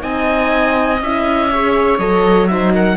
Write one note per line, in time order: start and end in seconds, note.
0.00 1.01 C4
0.00 0.98 D#4
0.00 1.50 D#5
0.00 1.01 G#5
1.01 1.99 C#4
1.01 1.53 E4
1.01 1.99 E5
1.50 2.00 G#4
1.50 2.49 C#5
1.99 2.97 F#3
1.99 2.49 A4
1.99 2.47 D#5
2.47 2.98 D#4
2.47 2.74 C5
2.47 2.72 E5
2.74 2.98 A#4
2.74 2.98 F#5